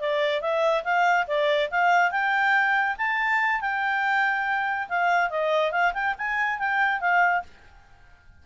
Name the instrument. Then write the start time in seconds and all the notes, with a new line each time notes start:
clarinet
0.00 D5
0.41 E5
0.84 F5
1.27 D5
1.71 F5
2.11 G5
2.98 A5
3.61 G5
4.89 F5
5.30 D#5
5.72 F5
5.94 G5
6.18 G#5
6.59 G5
7.01 F5